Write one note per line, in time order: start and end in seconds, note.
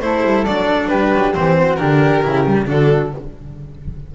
0.00 0.22 A3
0.00 0.46 E4
0.00 0.90 A4
0.00 0.45 C5
0.24 0.46 G3
0.46 0.90 F#3
0.46 1.35 D4
0.46 0.88 D5
0.88 1.13 G3
0.88 1.56 G4
0.88 1.32 B4
1.14 1.36 F#3
1.34 1.81 E3
1.34 1.78 C4
1.34 1.76 C5
1.58 1.80 F#4
1.76 2.26 D3
1.76 2.23 D4
1.76 2.67 G4
1.76 2.65 A#4
2.23 2.71 C#3
2.23 2.45 E4
2.47 2.67 G3
2.67 3.15 D3
2.67 3.11 D4
2.67 3.11 F#4
2.67 3.14 A4